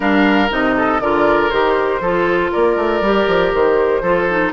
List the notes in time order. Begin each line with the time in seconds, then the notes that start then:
0.00 G3 D4 A#4 F5
0.49 C3 D#4 D#5
0.76 A4
1.00 D3 F4 A#4 D5
1.49 D#3 G4 C5
2.00 F3 F4 A4
2.51 A#3 A#4 D5
2.76 A3
3.00 G3 G4
3.27 F3
3.54 D#3 C5
4.01 F3 F4 A4
4.29 D#4